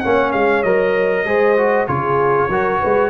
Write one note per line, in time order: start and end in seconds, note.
0.00 0.33 A#3
0.00 0.65 C#4
0.00 1.26 C#5
0.00 0.31 F#5
0.32 0.64 G#3
0.32 0.63 F5
0.63 1.25 F#3
0.63 1.26 A#4
0.63 1.86 D#5
1.25 1.87 G#3
1.25 1.57 G#4
1.25 1.87 C5
1.57 1.87 F#4
1.87 2.49 C#3
1.87 2.49 F4
1.87 2.49 G#4
1.87 3.10 C#5
2.49 2.80 F#3
2.49 3.10 F#4
2.49 2.80 A#4
2.80 3.10 G#3
2.80 3.10 B4